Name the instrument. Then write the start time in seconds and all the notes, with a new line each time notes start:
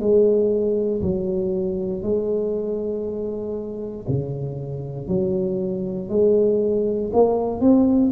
tuba
0.00 G#3
1.02 F#3
2.03 G#3
4.09 C#3
5.08 F#3
6.10 G#3
7.14 A#3
7.61 C4